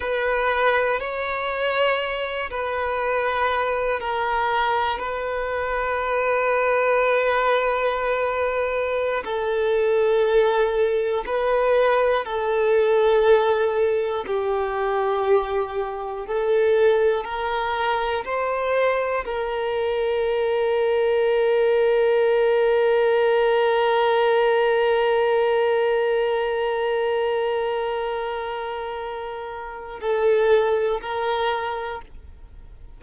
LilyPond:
\new Staff \with { instrumentName = "violin" } { \time 4/4 \tempo 4 = 60 b'4 cis''4. b'4. | ais'4 b'2.~ | b'4~ b'16 a'2 b'8.~ | b'16 a'2 g'4.~ g'16~ |
g'16 a'4 ais'4 c''4 ais'8.~ | ais'1~ | ais'1~ | ais'2 a'4 ais'4 | }